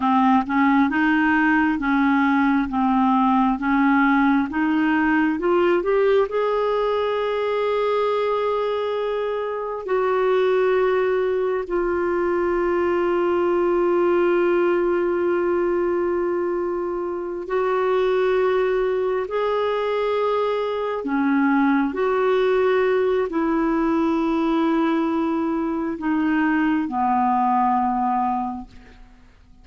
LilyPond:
\new Staff \with { instrumentName = "clarinet" } { \time 4/4 \tempo 4 = 67 c'8 cis'8 dis'4 cis'4 c'4 | cis'4 dis'4 f'8 g'8 gis'4~ | gis'2. fis'4~ | fis'4 f'2.~ |
f'2.~ f'8 fis'8~ | fis'4. gis'2 cis'8~ | cis'8 fis'4. e'2~ | e'4 dis'4 b2 | }